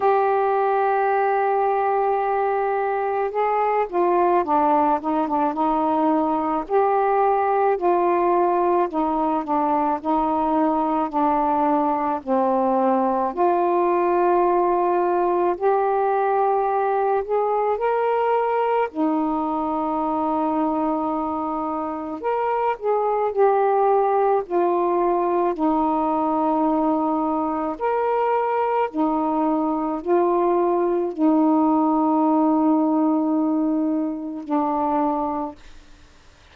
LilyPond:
\new Staff \with { instrumentName = "saxophone" } { \time 4/4 \tempo 4 = 54 g'2. gis'8 f'8 | d'8 dis'16 d'16 dis'4 g'4 f'4 | dis'8 d'8 dis'4 d'4 c'4 | f'2 g'4. gis'8 |
ais'4 dis'2. | ais'8 gis'8 g'4 f'4 dis'4~ | dis'4 ais'4 dis'4 f'4 | dis'2. d'4 | }